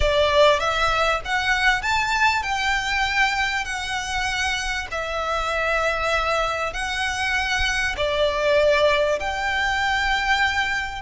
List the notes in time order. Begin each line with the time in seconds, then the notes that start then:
0.00 D5
0.59 E5
1.24 F#5
1.82 A5
2.42 G5
3.65 F#5
4.91 E5
6.73 F#5
7.96 D5
9.19 G5